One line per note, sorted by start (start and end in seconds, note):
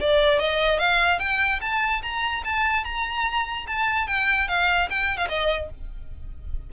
0.00 0.39 D5
0.39 0.78 D#5
0.78 1.19 F5
1.19 1.60 G5
1.61 2.02 A5
2.02 2.43 A#5
2.44 2.84 A5
2.84 3.66 A#5
3.67 4.07 A5
4.07 4.48 G5
4.48 4.89 F5
4.90 5.17 G5
5.17 5.27 F5
5.29 5.69 D#5